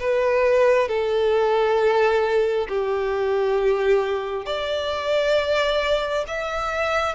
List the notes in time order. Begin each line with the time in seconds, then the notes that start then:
0.00 B4
0.88 A4
2.69 G4
4.46 D5
6.28 E5